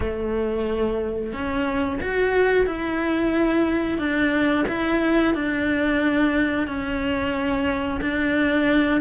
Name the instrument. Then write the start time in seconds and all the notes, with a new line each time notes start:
cello
0.00 A3
1.32 C#4
2.00 F#4
2.66 E4
3.98 D4
4.68 E4
5.34 D4
6.67 C#4
8.01 D4